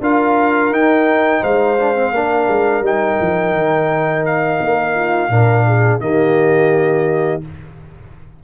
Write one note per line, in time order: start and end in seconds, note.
0.00 0.70 D4
0.00 0.72 F4
0.00 1.40 A#4
0.00 0.73 F5
0.70 1.41 D#4
0.70 1.78 D#4
0.70 1.43 G5
1.40 2.11 G#3
1.40 2.11 C5
1.40 2.84 F5
1.79 1.95 D4
1.95 2.12 C4
2.11 2.46 A#3
2.11 2.83 D4
2.11 4.94 A#4
2.47 2.80 G#3
2.80 3.16 G3
2.80 5.30 D#4
2.80 4.25 G5
3.20 3.52 F3
3.52 4.57 D#3
4.25 6.00 F5
4.60 5.29 A#3
4.95 5.29 F4
5.29 5.99 A#2
5.29 6.00 D4
5.29 5.64 A#4
5.66 6.01 G#4
6.00 7.41 D#3
6.00 7.41 A#3
6.00 7.43 G4
6.00 7.41 D#5